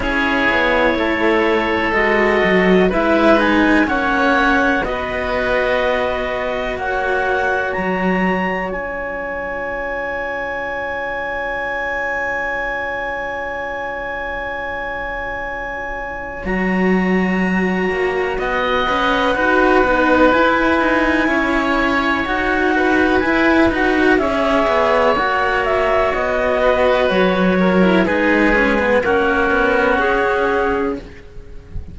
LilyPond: <<
  \new Staff \with { instrumentName = "clarinet" } { \time 4/4 \tempo 4 = 62 cis''2 dis''4 e''8 gis''8 | fis''4 dis''2 fis''4 | ais''4 gis''2.~ | gis''1~ |
gis''4 ais''2 fis''4~ | fis''4 gis''2 fis''4 | gis''8 fis''8 e''4 fis''8 e''8 dis''4 | cis''4 b'4 ais'4 gis'4 | }
  \new Staff \with { instrumentName = "oboe" } { \time 4/4 gis'4 a'2 b'4 | cis''4 b'2 cis''4~ | cis''1~ | cis''1~ |
cis''2. dis''4 | b'2 cis''4. b'8~ | b'4 cis''2~ cis''8 b'8~ | b'8 ais'8 gis'4 fis'2 | }
  \new Staff \with { instrumentName = "cello" } { \time 4/4 e'2 fis'4 e'8 dis'8 | cis'4 fis'2.~ | fis'4 f'2.~ | f'1~ |
f'4 fis'2~ fis'8 b'8 | fis'8 dis'8 e'2 fis'4 | e'8 fis'8 gis'4 fis'2~ | fis'8. e'16 dis'8 cis'16 b16 cis'2 | }
  \new Staff \with { instrumentName = "cello" } { \time 4/4 cis'8 b8 a4 gis8 fis8 gis4 | ais4 b2 ais4 | fis4 cis'2.~ | cis'1~ |
cis'4 fis4. ais8 b8 cis'8 | dis'8 b8 e'8 dis'8 cis'4 dis'4 | e'8 dis'8 cis'8 b8 ais4 b4 | fis4 gis4 ais8 b8 cis'4 | }
>>